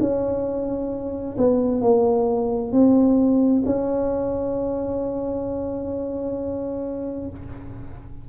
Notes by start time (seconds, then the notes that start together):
0.00 C#4
1.38 B3
1.81 A#3
2.71 C4
3.66 C#4